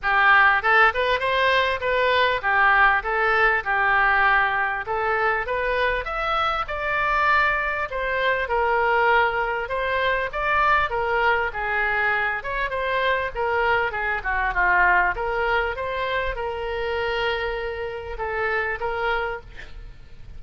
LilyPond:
\new Staff \with { instrumentName = "oboe" } { \time 4/4 \tempo 4 = 99 g'4 a'8 b'8 c''4 b'4 | g'4 a'4 g'2 | a'4 b'4 e''4 d''4~ | d''4 c''4 ais'2 |
c''4 d''4 ais'4 gis'4~ | gis'8 cis''8 c''4 ais'4 gis'8 fis'8 | f'4 ais'4 c''4 ais'4~ | ais'2 a'4 ais'4 | }